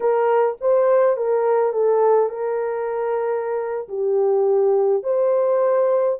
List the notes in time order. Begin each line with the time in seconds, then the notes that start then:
0.00 A#4
0.60 C5
1.17 A#4
1.72 A4
2.29 A#4
3.88 G4
5.03 C5